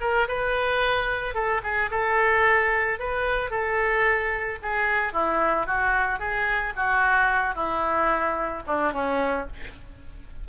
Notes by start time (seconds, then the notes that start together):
0.00 A#4
0.28 B4
1.34 A4
1.63 G#4
1.90 A4
2.99 B4
3.50 A4
4.62 G#4
5.12 E4
5.66 F#4
6.19 G#4
6.75 F#4
7.54 E4
8.66 D4
8.92 C#4